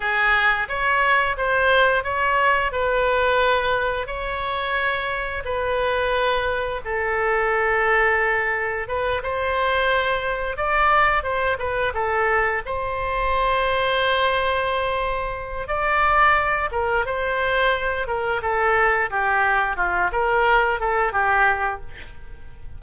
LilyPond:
\new Staff \with { instrumentName = "oboe" } { \time 4/4 \tempo 4 = 88 gis'4 cis''4 c''4 cis''4 | b'2 cis''2 | b'2 a'2~ | a'4 b'8 c''2 d''8~ |
d''8 c''8 b'8 a'4 c''4.~ | c''2. d''4~ | d''8 ais'8 c''4. ais'8 a'4 | g'4 f'8 ais'4 a'8 g'4 | }